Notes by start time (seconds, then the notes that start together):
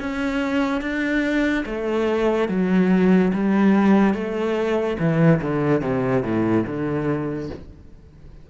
0.00 C#4
0.81 D4
1.66 A3
2.49 F#3
3.34 G3
4.14 A3
4.99 E3
5.42 D3
5.81 C3
6.23 A2
6.67 D3